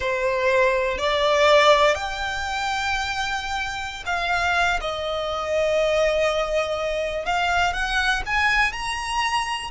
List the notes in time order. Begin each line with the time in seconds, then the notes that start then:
0.00 C5
0.98 D5
1.94 G5
4.06 F5
4.81 D#5
7.25 F5
7.73 F#5
8.26 G#5
8.72 A#5